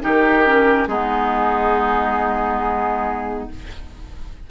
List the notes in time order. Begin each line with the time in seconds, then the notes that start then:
0.00 D#3 D#4 G4 A#4
0.45 C#4
0.87 G#3 B3 D#4 G#4